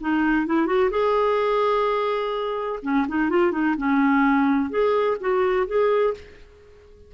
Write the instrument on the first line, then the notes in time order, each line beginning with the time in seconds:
clarinet
0.00 D#4
0.46 E4
0.66 F#4
0.90 G#4
2.82 C#4
3.08 D#4
3.29 F4
3.51 D#4
3.77 C#4
4.69 G#4
5.20 F#4
5.66 G#4